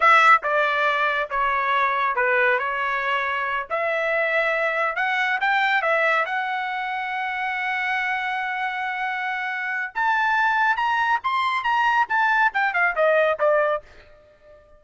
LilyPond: \new Staff \with { instrumentName = "trumpet" } { \time 4/4 \tempo 4 = 139 e''4 d''2 cis''4~ | cis''4 b'4 cis''2~ | cis''8 e''2. fis''8~ | fis''8 g''4 e''4 fis''4.~ |
fis''1~ | fis''2. a''4~ | a''4 ais''4 c'''4 ais''4 | a''4 g''8 f''8 dis''4 d''4 | }